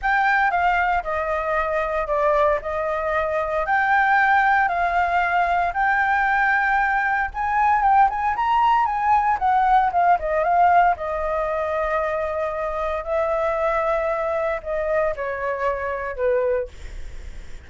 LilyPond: \new Staff \with { instrumentName = "flute" } { \time 4/4 \tempo 4 = 115 g''4 f''4 dis''2 | d''4 dis''2 g''4~ | g''4 f''2 g''4~ | g''2 gis''4 g''8 gis''8 |
ais''4 gis''4 fis''4 f''8 dis''8 | f''4 dis''2.~ | dis''4 e''2. | dis''4 cis''2 b'4 | }